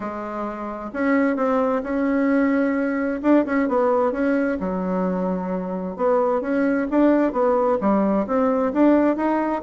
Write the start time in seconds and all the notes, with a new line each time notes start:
0.00 G#3
0.93 C#4
1.36 C4
1.83 C#4
3.22 D4
3.45 C#4
3.68 B3
4.12 C#4
4.60 F#3
5.96 B3
6.41 C#4
6.90 D4
7.32 B3
7.80 G3
8.26 C4
8.73 D4
9.16 D#4